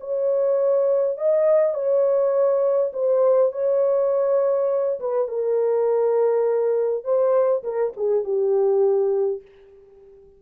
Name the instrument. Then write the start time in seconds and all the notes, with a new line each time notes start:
horn
0.00 C#5
1.18 D#5
1.74 C#5
2.93 C5
3.52 C#5
5.00 B4
5.28 A#4
7.04 C5
7.63 A#4
7.97 G#4
8.24 G4